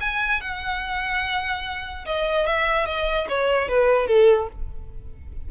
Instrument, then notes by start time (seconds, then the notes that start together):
violin
0.00 G#5
0.40 F#5
2.05 D#5
2.46 E5
2.86 D#5
3.28 C#5
3.68 B4
4.07 A4